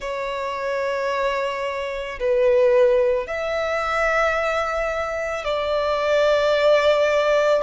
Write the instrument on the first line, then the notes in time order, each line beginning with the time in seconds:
violin
0.00 C#5
2.19 B4
3.27 E5
5.44 D5